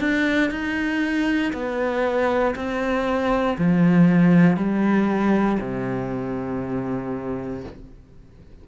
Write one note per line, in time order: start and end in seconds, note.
0.00 0.51 D4
0.51 1.53 D#4
1.53 2.55 B3
2.56 3.58 C4
3.59 4.57 F3
4.57 5.59 G3
5.61 7.64 C3